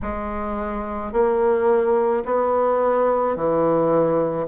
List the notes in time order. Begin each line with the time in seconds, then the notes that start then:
0.02 G#3
1.12 A#3
2.25 B3
3.35 E3